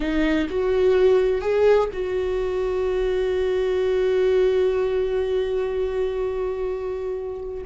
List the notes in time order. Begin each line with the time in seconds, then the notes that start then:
0.00 D#4
0.49 F#4
1.41 G#4
1.92 F#4